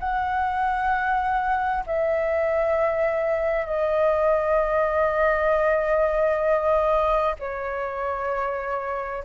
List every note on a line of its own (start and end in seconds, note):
0.00 1.85 F#5
1.87 3.66 E5
3.66 7.36 D#5
7.40 9.24 C#5